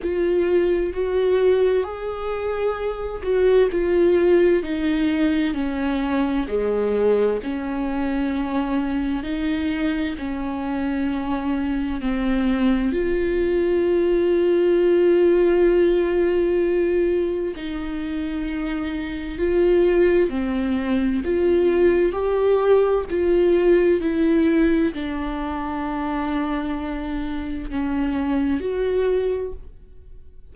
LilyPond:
\new Staff \with { instrumentName = "viola" } { \time 4/4 \tempo 4 = 65 f'4 fis'4 gis'4. fis'8 | f'4 dis'4 cis'4 gis4 | cis'2 dis'4 cis'4~ | cis'4 c'4 f'2~ |
f'2. dis'4~ | dis'4 f'4 c'4 f'4 | g'4 f'4 e'4 d'4~ | d'2 cis'4 fis'4 | }